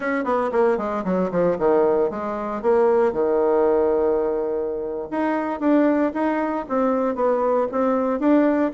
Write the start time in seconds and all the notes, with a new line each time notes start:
0.00 C#4
0.24 B3
0.52 A#3
0.77 G#3
1.04 F#3
1.31 F3
1.58 D#3
2.10 G#3
2.62 A#3
3.12 D#3
5.10 D#4
5.60 D4
6.13 D#4
6.68 C4
7.15 B3
7.71 C4
8.19 D4